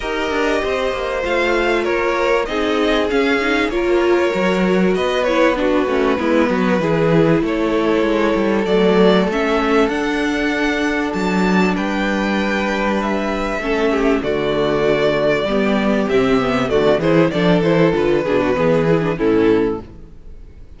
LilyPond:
<<
  \new Staff \with { instrumentName = "violin" } { \time 4/4 \tempo 4 = 97 dis''2 f''4 cis''4 | dis''4 f''4 cis''2 | dis''8 cis''8 b'2. | cis''2 d''4 e''4 |
fis''2 a''4 g''4~ | g''4 e''2 d''4~ | d''2 e''4 d''8 c''8 | d''8 c''8 b'2 a'4 | }
  \new Staff \with { instrumentName = "violin" } { \time 4/4 ais'4 c''2 ais'4 | gis'2 ais'2 | b'4 fis'4 e'8 fis'8 gis'4 | a'1~ |
a'2. b'4~ | b'2 a'8 g'8 fis'4~ | fis'4 g'2 fis'8 gis'8 | a'4. gis'16 fis'16 gis'4 e'4 | }
  \new Staff \with { instrumentName = "viola" } { \time 4/4 g'2 f'2 | dis'4 cis'8 dis'8 f'4 fis'4~ | fis'8 e'8 d'8 cis'8 b4 e'4~ | e'2 a4 cis'4 |
d'1~ | d'2 cis'4 a4~ | a4 b4 c'8 b8 a8 e'8 | d'8 e'8 f'8 d'8 b8 e'16 d'16 cis'4 | }
  \new Staff \with { instrumentName = "cello" } { \time 4/4 dis'8 d'8 c'8 ais8 a4 ais4 | c'4 cis'4 ais4 fis4 | b4. a8 gis8 fis8 e4 | a4 gis8 g8 fis4 a4 |
d'2 fis4 g4~ | g2 a4 d4~ | d4 g4 c4 d8 e8 | f8 e8 d8 b,8 e4 a,4 | }
>>